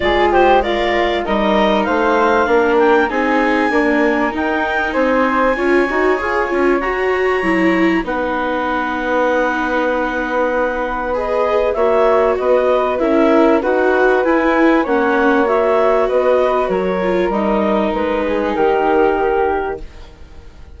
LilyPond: <<
  \new Staff \with { instrumentName = "clarinet" } { \time 4/4 \tempo 4 = 97 d''8 c''8 d''4 dis''4 f''4~ | f''8 g''8 gis''2 g''4 | gis''2. ais''4~ | ais''4 fis''2.~ |
fis''2 dis''4 e''4 | dis''4 e''4 fis''4 gis''4 | fis''4 e''4 dis''4 cis''4 | dis''4 b'4 ais'2 | }
  \new Staff \with { instrumentName = "flute" } { \time 4/4 gis'8 g'8 f'4 ais'4 c''4 | ais'4 gis'4 ais'2 | c''4 cis''2.~ | cis''4 b'2.~ |
b'2. cis''4 | b'4 ais'4 b'2 | cis''2 b'4 ais'4~ | ais'4. gis'8 g'2 | }
  \new Staff \with { instrumentName = "viola" } { \time 4/4 f'4 ais'4 dis'2 | d'4 dis'4 ais4 dis'4~ | dis'4 f'8 fis'8 gis'8 f'8 fis'4 | e'4 dis'2.~ |
dis'2 gis'4 fis'4~ | fis'4 e'4 fis'4 e'4 | cis'4 fis'2~ fis'8 f'8 | dis'1 | }
  \new Staff \with { instrumentName = "bassoon" } { \time 4/4 gis2 g4 a4 | ais4 c'4 d'4 dis'4 | c'4 cis'8 dis'8 f'8 cis'8 fis'4 | fis4 b2.~ |
b2. ais4 | b4 cis'4 dis'4 e'4 | ais2 b4 fis4 | g4 gis4 dis2 | }
>>